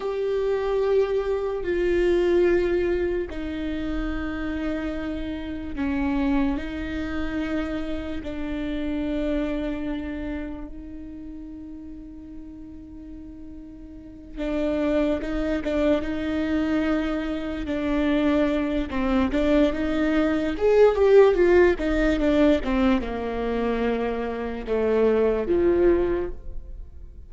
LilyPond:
\new Staff \with { instrumentName = "viola" } { \time 4/4 \tempo 4 = 73 g'2 f'2 | dis'2. cis'4 | dis'2 d'2~ | d'4 dis'2.~ |
dis'4. d'4 dis'8 d'8 dis'8~ | dis'4. d'4. c'8 d'8 | dis'4 gis'8 g'8 f'8 dis'8 d'8 c'8 | ais2 a4 f4 | }